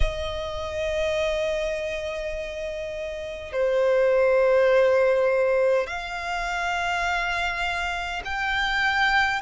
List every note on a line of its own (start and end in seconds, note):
0.00 3.52 D#5
3.52 5.87 C5
5.87 8.22 F5
8.25 9.41 G5